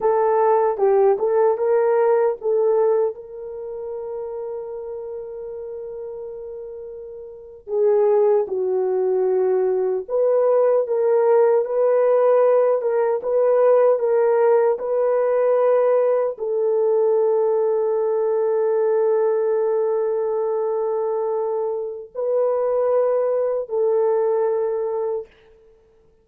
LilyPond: \new Staff \with { instrumentName = "horn" } { \time 4/4 \tempo 4 = 76 a'4 g'8 a'8 ais'4 a'4 | ais'1~ | ais'4.~ ais'16 gis'4 fis'4~ fis'16~ | fis'8. b'4 ais'4 b'4~ b'16~ |
b'16 ais'8 b'4 ais'4 b'4~ b'16~ | b'8. a'2.~ a'16~ | a'1 | b'2 a'2 | }